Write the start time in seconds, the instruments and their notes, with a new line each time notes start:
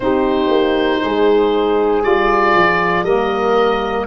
0.00 tuba C4, saxophone D#4, horn G4, oboe C5
0.50 tuba A#3
1.02 tuba G#3, horn G#4
2.03 tuba G3, saxophone F4, oboe D5
2.54 tuba F3
3.03 tuba G3, saxophone A#3, horn A#4, oboe D#5